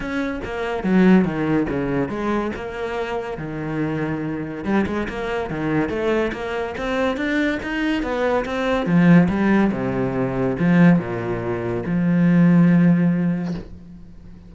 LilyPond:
\new Staff \with { instrumentName = "cello" } { \time 4/4 \tempo 4 = 142 cis'4 ais4 fis4 dis4 | cis4 gis4 ais2 | dis2. g8 gis8 | ais4 dis4 a4 ais4 |
c'4 d'4 dis'4 b4 | c'4 f4 g4 c4~ | c4 f4 ais,2 | f1 | }